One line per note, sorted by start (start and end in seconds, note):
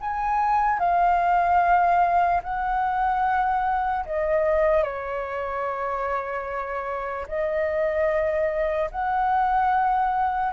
0.00 0.79 G#5
0.79 2.41 F5
2.43 4.05 F#5
4.05 4.83 D#5
4.83 7.26 C#5
7.28 8.90 D#5
8.91 10.53 F#5